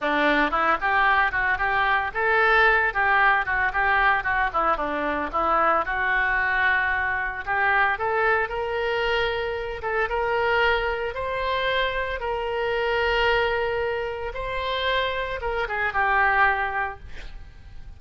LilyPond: \new Staff \with { instrumentName = "oboe" } { \time 4/4 \tempo 4 = 113 d'4 e'8 g'4 fis'8 g'4 | a'4. g'4 fis'8 g'4 | fis'8 e'8 d'4 e'4 fis'4~ | fis'2 g'4 a'4 |
ais'2~ ais'8 a'8 ais'4~ | ais'4 c''2 ais'4~ | ais'2. c''4~ | c''4 ais'8 gis'8 g'2 | }